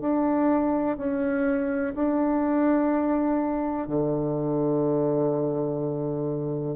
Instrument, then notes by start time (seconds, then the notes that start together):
bassoon
0.00 D4
0.97 C#4
1.94 D4
3.87 D3